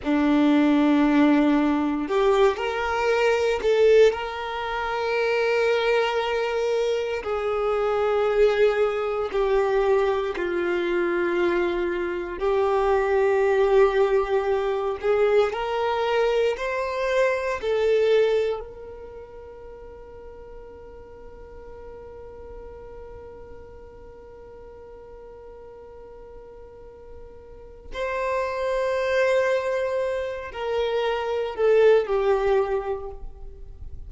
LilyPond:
\new Staff \with { instrumentName = "violin" } { \time 4/4 \tempo 4 = 58 d'2 g'8 ais'4 a'8 | ais'2. gis'4~ | gis'4 g'4 f'2 | g'2~ g'8 gis'8 ais'4 |
c''4 a'4 ais'2~ | ais'1~ | ais'2. c''4~ | c''4. ais'4 a'8 g'4 | }